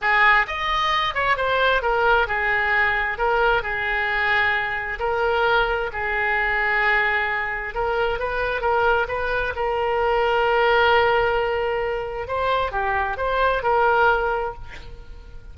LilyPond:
\new Staff \with { instrumentName = "oboe" } { \time 4/4 \tempo 4 = 132 gis'4 dis''4. cis''8 c''4 | ais'4 gis'2 ais'4 | gis'2. ais'4~ | ais'4 gis'2.~ |
gis'4 ais'4 b'4 ais'4 | b'4 ais'2.~ | ais'2. c''4 | g'4 c''4 ais'2 | }